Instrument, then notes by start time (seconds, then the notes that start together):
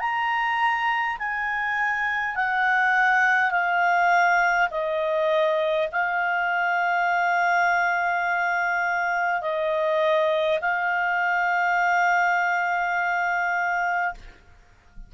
clarinet
0.00 A#5
1.19 G#5
2.36 F#5
3.51 F5
4.71 D#5
5.92 F5
9.42 D#5
10.61 F5